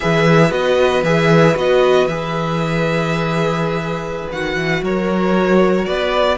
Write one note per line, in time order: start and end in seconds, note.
0.00 0.51 E3
0.00 0.50 G#4
0.00 4.82 B4
0.00 0.51 E5
0.50 1.03 B3
0.50 1.02 F#4
0.50 1.03 D#5
1.03 1.55 E3
1.03 1.55 G#4
1.03 1.56 E5
1.55 2.05 B3
1.55 2.07 F#4
1.55 2.07 D#5
2.05 4.27 E3
2.05 4.31 G#4
2.05 4.28 E5
4.32 4.55 D#3
4.32 6.37 F#4
4.32 4.84 F#5
4.55 4.81 E3
4.82 5.86 F#3
4.82 5.87 A#4
4.82 5.85 C#5
5.85 6.37 B3
5.85 6.37 B4
5.85 6.37 D5